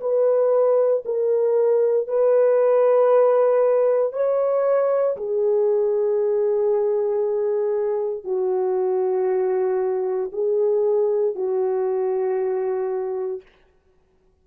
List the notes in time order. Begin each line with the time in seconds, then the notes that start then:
0.00 B4
1.05 A#4
2.07 B4
4.12 C#5
5.16 G#4
8.24 F#4
10.32 G#4
11.35 F#4